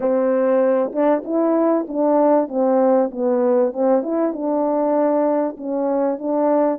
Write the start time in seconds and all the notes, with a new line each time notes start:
0.00 C4
0.92 D4
1.24 E4
1.88 D4
2.48 C4
3.11 B3
3.73 C4
4.02 E4
4.32 D4
5.57 C#4
6.18 D4